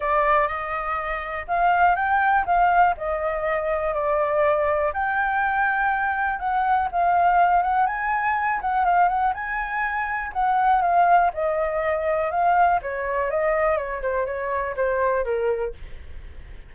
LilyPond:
\new Staff \with { instrumentName = "flute" } { \time 4/4 \tempo 4 = 122 d''4 dis''2 f''4 | g''4 f''4 dis''2 | d''2 g''2~ | g''4 fis''4 f''4. fis''8 |
gis''4. fis''8 f''8 fis''8 gis''4~ | gis''4 fis''4 f''4 dis''4~ | dis''4 f''4 cis''4 dis''4 | cis''8 c''8 cis''4 c''4 ais'4 | }